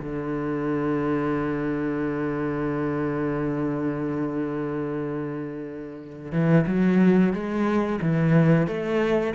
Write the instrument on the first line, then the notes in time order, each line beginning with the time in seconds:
cello
0.00 D3
6.32 E3
6.67 F#3
7.33 G#3
8.02 E3
8.67 A3